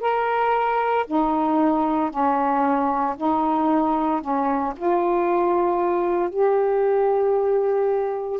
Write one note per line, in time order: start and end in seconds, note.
0.00 1.05 A#4
1.06 2.10 D#4
2.10 3.15 C#4
3.16 4.21 D#4
4.21 4.73 C#4
4.76 6.29 F4
6.29 8.40 G4